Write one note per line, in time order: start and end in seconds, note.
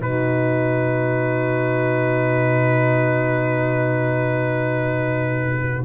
0.00 5.85 B2
0.00 5.85 D#4
0.00 5.85 F#4
0.00 5.85 B4